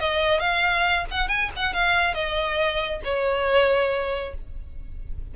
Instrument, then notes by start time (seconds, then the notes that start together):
violin
0.00 D#5
0.40 F5
1.11 F#5
1.29 G#5
1.57 F#5
1.74 F5
2.14 D#5
3.05 C#5